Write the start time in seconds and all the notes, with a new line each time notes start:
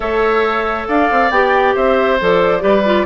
0.00 A3 A4 C#5 E5
0.87 D4 D5 F5
1.10 C4
1.30 B3 G4 G5
1.75 C4 C5 E5
2.20 F3 A4 D5
2.60 G3 G4 B4
2.85 F4